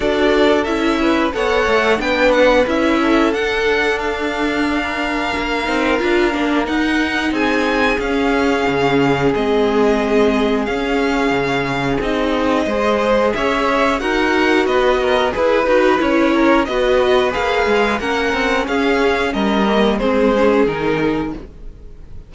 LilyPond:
<<
  \new Staff \with { instrumentName = "violin" } { \time 4/4 \tempo 4 = 90 d''4 e''4 fis''4 g''8 fis''8 | e''4 fis''4 f''2~ | f''2 fis''4 gis''4 | f''2 dis''2 |
f''2 dis''2 | e''4 fis''4 dis''4 b'4 | cis''4 dis''4 f''4 fis''4 | f''4 dis''4 c''4 ais'4 | }
  \new Staff \with { instrumentName = "violin" } { \time 4/4 a'4. b'8 cis''4 b'4~ | b'8 a'2~ a'8. ais'8.~ | ais'2. gis'4~ | gis'1~ |
gis'2. c''4 | cis''4 ais'4 b'8 ais'8 b'4~ | b'8 ais'8 b'2 ais'4 | gis'4 ais'4 gis'2 | }
  \new Staff \with { instrumentName = "viola" } { \time 4/4 fis'4 e'4 a'4 d'4 | e'4 d'2.~ | d'8 dis'8 f'8 d'8 dis'2 | cis'2 c'2 |
cis'2 dis'4 gis'4~ | gis'4 fis'2 gis'8 fis'8 | e'4 fis'4 gis'4 cis'4~ | cis'4. ais8 c'8 cis'8 dis'4 | }
  \new Staff \with { instrumentName = "cello" } { \time 4/4 d'4 cis'4 b8 a8 b4 | cis'4 d'2. | ais8 c'8 d'8 ais8 dis'4 c'4 | cis'4 cis4 gis2 |
cis'4 cis4 c'4 gis4 | cis'4 dis'4 b4 e'8 dis'8 | cis'4 b4 ais8 gis8 ais8 c'8 | cis'4 g4 gis4 dis4 | }
>>